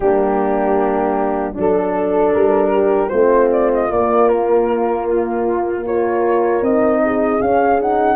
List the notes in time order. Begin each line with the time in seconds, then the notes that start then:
0.00 G3 A#3 D4 G4
1.53 F#3 D4 A4
1.59 A4
2.33 G3 A#4
2.73 G4
3.08 A3 C4 F4 C5
3.51 D5
3.73 D#5
3.89 A#3 D5
4.28 A#4
5.07 F4
5.85 F4 A#4 C#5
6.61 C4 D#4 D#5
7.04 G#4
7.40 C#4 F5
7.79 D#4 F#5